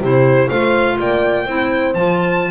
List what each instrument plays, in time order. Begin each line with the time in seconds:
0.00 double bass C3, clarinet E4, horn G4, violin C5
0.47 double bass A3, clarinet F4, horn C5, violin F5
0.98 double bass A#3, horn D5, violin G5
1.45 double bass C4, clarinet E4, horn C5
1.94 double bass F3, clarinet F4, violin A5